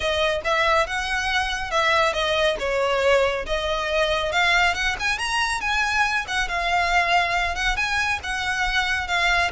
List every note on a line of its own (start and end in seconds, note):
0.00 0.41 D#5
0.44 0.87 E5
0.87 1.71 F#5
1.71 2.13 E5
2.13 2.56 D#5
2.59 3.45 C#5
3.46 4.32 D#5
4.32 4.74 F5
4.74 4.96 F#5
4.99 5.18 G#5
5.18 5.61 A#5
5.61 6.25 G#5
6.27 6.48 F#5
6.48 7.55 F5
7.55 7.76 F#5
7.76 8.19 G#5
8.23 9.07 F#5
9.07 9.50 F5